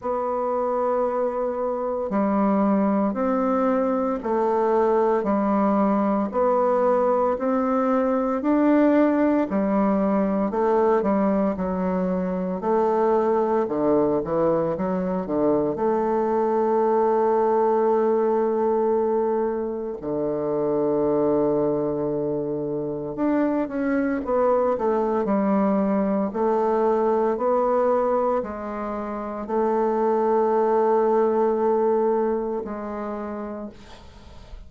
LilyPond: \new Staff \with { instrumentName = "bassoon" } { \time 4/4 \tempo 4 = 57 b2 g4 c'4 | a4 g4 b4 c'4 | d'4 g4 a8 g8 fis4 | a4 d8 e8 fis8 d8 a4~ |
a2. d4~ | d2 d'8 cis'8 b8 a8 | g4 a4 b4 gis4 | a2. gis4 | }